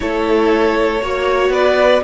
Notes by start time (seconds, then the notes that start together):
0.00 A3 E4 A4 C#5
1.01 A#3 F#4 C#5
1.49 B3 B4 D5